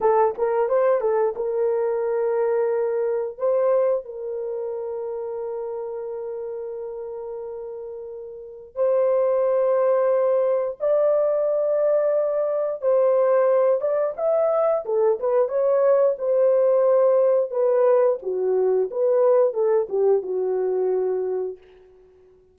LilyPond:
\new Staff \with { instrumentName = "horn" } { \time 4/4 \tempo 4 = 89 a'8 ais'8 c''8 a'8 ais'2~ | ais'4 c''4 ais'2~ | ais'1~ | ais'4 c''2. |
d''2. c''4~ | c''8 d''8 e''4 a'8 b'8 cis''4 | c''2 b'4 fis'4 | b'4 a'8 g'8 fis'2 | }